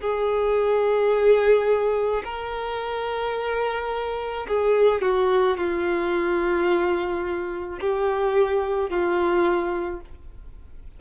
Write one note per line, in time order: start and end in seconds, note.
0.00 2.22 G#4
2.24 4.46 A#4
4.47 5.01 G#4
5.01 5.57 F#4
5.57 7.79 F4
7.80 8.89 G4
8.89 10.00 F4